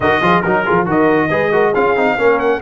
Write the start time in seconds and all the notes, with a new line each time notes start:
0.00 D#3 F#4 A#4 D#5
0.21 F3 F4 G#4
0.42 F#3 D#4 F#4 A#4
0.65 F3 F4 G#4
0.86 D#3 F#4 A#4 D#5
1.30 G#3 G#4 B4
1.51 F#4 A#4
1.71 C#4 F4 G#4 F5
1.95 C4 D#4
2.17 A#3 C#4 A#4
2.39 F#5